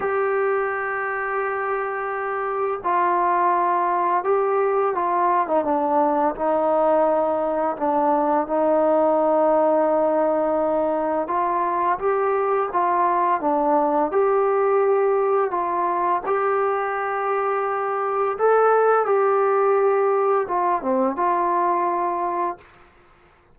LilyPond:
\new Staff \with { instrumentName = "trombone" } { \time 4/4 \tempo 4 = 85 g'1 | f'2 g'4 f'8. dis'16 | d'4 dis'2 d'4 | dis'1 |
f'4 g'4 f'4 d'4 | g'2 f'4 g'4~ | g'2 a'4 g'4~ | g'4 f'8 c'8 f'2 | }